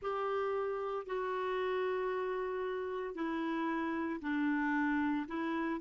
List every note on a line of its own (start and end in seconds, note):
0.02 1.06 G4
1.06 3.14 F#4
3.14 4.20 E4
4.21 5.26 D4
5.27 5.80 E4